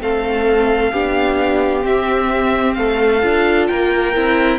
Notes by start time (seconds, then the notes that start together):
0.00 A3 C4 A4 F5
0.92 B3 D4 G4
1.81 C4 E5
2.74 A3 A4 F5
3.21 D4 F4
3.67 A#3 A#4 G5
4.14 C4 E4